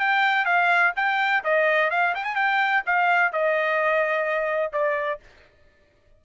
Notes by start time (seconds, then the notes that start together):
0.00 G5
0.45 F5
0.96 G5
1.44 D#5
1.91 F5
2.15 G5
2.24 G#5
2.35 G5
2.86 F5
3.32 D#5
4.73 D5